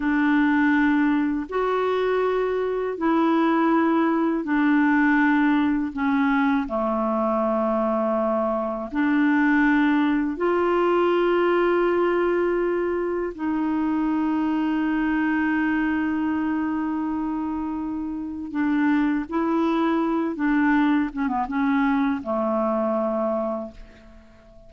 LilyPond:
\new Staff \with { instrumentName = "clarinet" } { \time 4/4 \tempo 4 = 81 d'2 fis'2 | e'2 d'2 | cis'4 a2. | d'2 f'2~ |
f'2 dis'2~ | dis'1~ | dis'4 d'4 e'4. d'8~ | d'8 cis'16 b16 cis'4 a2 | }